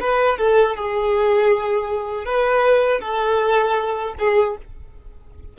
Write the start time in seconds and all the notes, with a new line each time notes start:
0.00 B4
0.38 A4
0.76 G#4
2.25 B4
3.01 A4
4.19 G#4